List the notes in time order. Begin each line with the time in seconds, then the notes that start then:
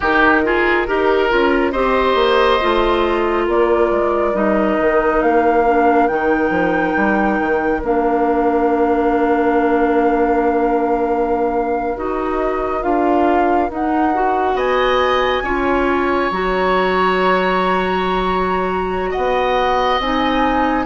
0.00 D#3 D#4 G4 A#4
0.45 F4 G#4
0.87 D#4 G4 A#4
1.29 C#4 F4
1.71 C4 G4 C5 D#5
2.14 A#3
2.60 A3 F4
3.45 A#3 A#4 D5
3.90 G#3
4.33 G3 D#4 D#5
4.80 D#3
5.22 A#3 F5
5.65 D4
6.07 D#3 D#4 G5
6.50 F3
6.96 G3
7.39 D#3
7.82 A#3 D4 F5
11.96 D#4 F#4 D#5
12.82 D4 F4 F5
13.69 D#4 F#5
14.13 F#4
14.54 B3 D#5 G#5
15.43 C#4 F4 C#5
16.30 F#3 F#4 A#5
19.11 B3 D#5 F#5
19.99 C4 D#4 G#5